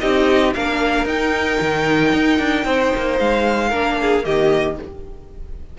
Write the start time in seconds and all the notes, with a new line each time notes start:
0.00 C4 D#4 G4 D#5
0.54 A#3 D4 A#4 F5
1.05 D#4 G5
1.60 D#3
2.12 D#4
2.38 D4
2.65 C4 C5
2.96 A#3
3.19 G#3 F5
3.68 A#3 D4 A#4
4.01 G#4
4.22 D#3 A#3 G4 D#5